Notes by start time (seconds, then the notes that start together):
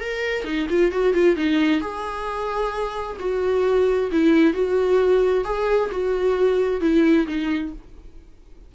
0.00 A#4
0.44 D#4
0.69 F4
0.91 F#4
1.13 F4
1.36 D#4
1.81 G#4
3.19 F#4
4.12 E4
4.53 F#4
5.44 G#4
5.91 F#4
6.81 E4
7.27 D#4